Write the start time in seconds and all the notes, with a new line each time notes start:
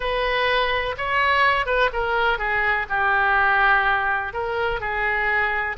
0.00 B4
0.97 C#5
1.66 B4
1.92 A#4
2.38 G#4
2.89 G4
4.33 A#4
4.80 G#4